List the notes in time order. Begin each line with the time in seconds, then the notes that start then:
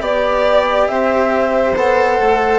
0.00 B3 G4 D5
0.88 C4 C5 E5
1.75 B3 A4 F#5
2.20 A3